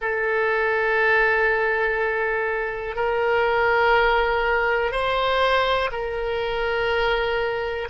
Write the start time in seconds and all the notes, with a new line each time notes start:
0.00 A4
2.95 A#4
4.91 C5
5.91 A#4